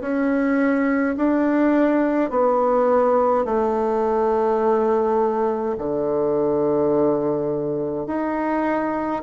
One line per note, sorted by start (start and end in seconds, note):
0.00 1.15 C#4
1.17 2.30 D4
2.30 3.45 B3
3.45 5.75 A3
5.78 8.07 D3
8.07 9.22 D#4